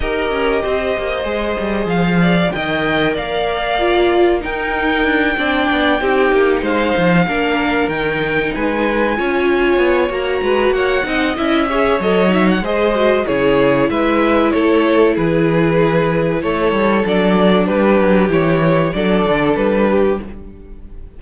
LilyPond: <<
  \new Staff \with { instrumentName = "violin" } { \time 4/4 \tempo 4 = 95 dis''2. f''4 | g''4 f''2 g''4~ | g''2~ g''8 f''4.~ | f''8 g''4 gis''2~ gis''8 |
ais''4 fis''4 e''4 dis''8 e''16 fis''16 | dis''4 cis''4 e''4 cis''4 | b'2 cis''4 d''4 | b'4 cis''4 d''4 b'4 | }
  \new Staff \with { instrumentName = "violin" } { \time 4/4 ais'4 c''2~ c''8 d''8 | dis''4 d''2 ais'4~ | ais'8 d''4 g'4 c''4 ais'8~ | ais'4. b'4 cis''4.~ |
cis''8 b'8 cis''8 dis''4 cis''4. | c''4 gis'4 b'4 a'4 | gis'2 a'2 | g'2 a'4. g'8 | }
  \new Staff \with { instrumentName = "viola" } { \time 4/4 g'2 gis'2 | ais'2 f'4 dis'4~ | dis'8 d'4 dis'2 d'8~ | d'8 dis'2 f'4. |
fis'4. dis'8 e'8 gis'8 a'8 dis'8 | gis'8 fis'8 e'2.~ | e'2. d'4~ | d'4 e'4 d'2 | }
  \new Staff \with { instrumentName = "cello" } { \time 4/4 dis'8 cis'8 c'8 ais8 gis8 g8 f4 | dis4 ais2 dis'4 | d'8 c'8 b8 c'8 ais8 gis8 f8 ais8~ | ais8 dis4 gis4 cis'4 b8 |
ais8 gis8 ais8 c'8 cis'4 fis4 | gis4 cis4 gis4 a4 | e2 a8 g8 fis4 | g8 fis8 e4 fis8 d8 g4 | }
>>